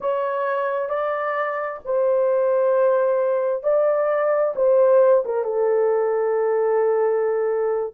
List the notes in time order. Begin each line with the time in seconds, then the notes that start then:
0.00 C#5
0.89 D5
1.84 C5
3.63 D5
4.55 C5
5.25 A#4
5.43 A4